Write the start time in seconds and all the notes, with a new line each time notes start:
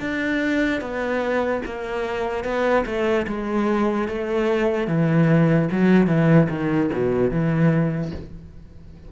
0.00 D4
0.81 B3
1.66 A#3
2.44 B3
2.86 A3
3.28 G#3
4.09 A3
4.88 E3
5.72 F#3
6.07 E3
6.50 D#3
6.93 B2
7.31 E3